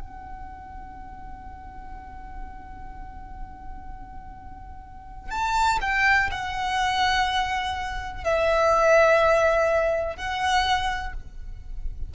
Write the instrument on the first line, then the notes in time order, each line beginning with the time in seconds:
violin
0.00 F#5
5.30 A5
5.81 G5
6.31 F#5
8.24 E5
10.16 F#5